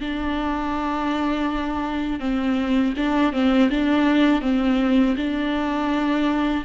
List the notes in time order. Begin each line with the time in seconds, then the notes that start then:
0.00 D4
2.20 C4
2.96 D4
3.32 C4
3.70 D4
4.41 C4
5.16 D4